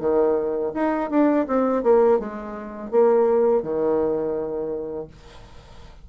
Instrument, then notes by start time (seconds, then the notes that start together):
bassoon
0.00 D#3
0.74 D#4
1.10 D4
1.47 C4
1.83 A#3
2.19 G#3
2.91 A#3
3.63 D#3